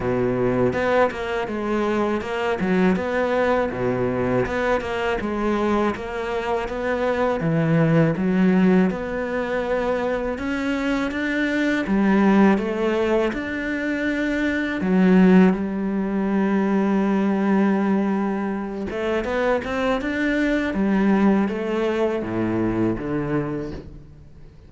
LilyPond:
\new Staff \with { instrumentName = "cello" } { \time 4/4 \tempo 4 = 81 b,4 b8 ais8 gis4 ais8 fis8 | b4 b,4 b8 ais8 gis4 | ais4 b4 e4 fis4 | b2 cis'4 d'4 |
g4 a4 d'2 | fis4 g2.~ | g4. a8 b8 c'8 d'4 | g4 a4 a,4 d4 | }